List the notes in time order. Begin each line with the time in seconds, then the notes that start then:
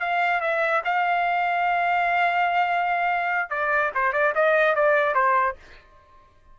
0.00 F5
0.41 E5
0.85 F5
3.50 D5
3.95 C5
4.13 D5
4.35 D#5
4.76 D5
5.15 C5